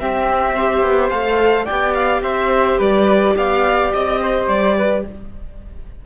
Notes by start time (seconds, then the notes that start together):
0.00 C4 G4 E5
0.55 G4 C5
0.83 B3
1.10 A3 A4 F5
1.65 G4 D5 G5
1.72 B3
1.94 F5
2.23 C4 C5 E5
2.78 G3 B4 D5
3.37 B3 D5 F5
3.94 C4 D#5
4.22 C5
4.48 G3 D5
4.77 B4